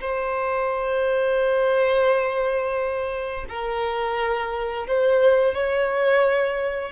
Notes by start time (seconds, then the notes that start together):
0.00 C5
3.49 A#4
4.87 C5
5.54 C#5